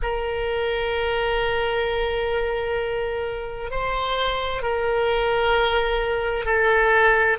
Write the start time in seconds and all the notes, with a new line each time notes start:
0.02 A#4
3.70 C5
4.62 A#4
6.45 A4